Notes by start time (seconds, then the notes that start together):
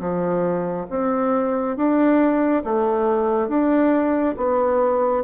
0.00 F3
0.91 C4
1.77 D4
2.65 A3
3.49 D4
4.37 B3